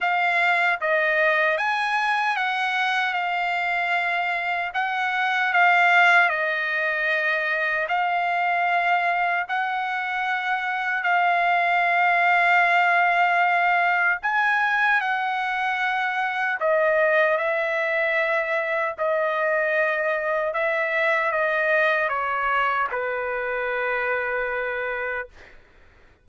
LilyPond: \new Staff \with { instrumentName = "trumpet" } { \time 4/4 \tempo 4 = 76 f''4 dis''4 gis''4 fis''4 | f''2 fis''4 f''4 | dis''2 f''2 | fis''2 f''2~ |
f''2 gis''4 fis''4~ | fis''4 dis''4 e''2 | dis''2 e''4 dis''4 | cis''4 b'2. | }